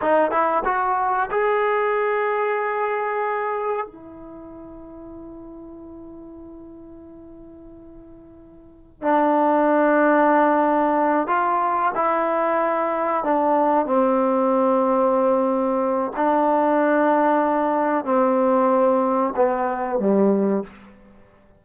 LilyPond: \new Staff \with { instrumentName = "trombone" } { \time 4/4 \tempo 4 = 93 dis'8 e'8 fis'4 gis'2~ | gis'2 e'2~ | e'1~ | e'2 d'2~ |
d'4. f'4 e'4.~ | e'8 d'4 c'2~ c'8~ | c'4 d'2. | c'2 b4 g4 | }